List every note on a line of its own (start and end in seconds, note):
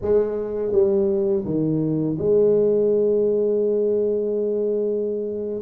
0.01 0.72 G#3
0.72 1.44 G3
1.45 2.17 D#3
2.18 5.62 G#3